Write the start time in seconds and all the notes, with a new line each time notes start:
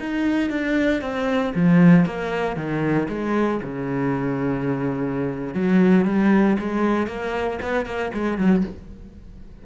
0.00 D#4
0.50 D4
1.02 C4
1.55 F3
2.06 A#3
2.56 D#3
3.09 G#3
3.63 C#3
5.54 F#3
6.05 G3
6.59 G#3
7.07 A#3
7.62 B3
7.86 A#3
8.14 G#3
8.38 F#3